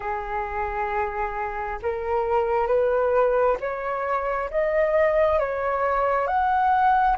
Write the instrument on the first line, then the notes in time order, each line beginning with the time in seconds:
flute
0.00 G#4
1.82 A#4
2.67 B4
3.60 C#5
4.50 D#5
5.39 C#5
6.27 F#5